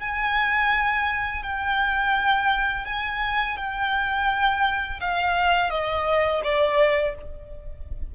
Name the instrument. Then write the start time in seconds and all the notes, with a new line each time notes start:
violin
0.00 G#5
1.43 G5
2.85 G#5
3.57 G5
5.01 F5
5.70 D#5
6.44 D5